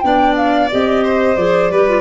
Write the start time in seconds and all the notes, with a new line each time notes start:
0.00 B3 D4 D5 G5
0.36 F5
0.71 C4 G4 D#5
1.03 C5
1.36 F3 G#4 D5
1.70 G3 G4 B4
1.89 F4